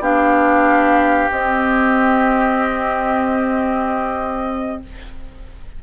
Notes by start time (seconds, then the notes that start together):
0.00 B3 D4 G4 F5
1.31 C4 D#5